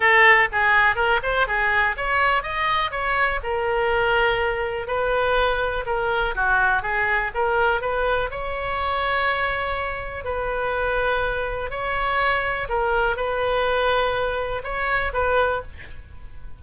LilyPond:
\new Staff \with { instrumentName = "oboe" } { \time 4/4 \tempo 4 = 123 a'4 gis'4 ais'8 c''8 gis'4 | cis''4 dis''4 cis''4 ais'4~ | ais'2 b'2 | ais'4 fis'4 gis'4 ais'4 |
b'4 cis''2.~ | cis''4 b'2. | cis''2 ais'4 b'4~ | b'2 cis''4 b'4 | }